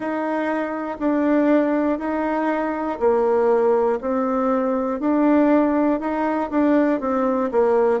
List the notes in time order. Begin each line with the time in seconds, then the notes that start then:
0.00 D#4
0.99 D4
1.98 D#4
3.00 A#3
4.00 C4
5.00 D4
6.00 D#4
6.50 D4
7.00 C4
7.51 A#3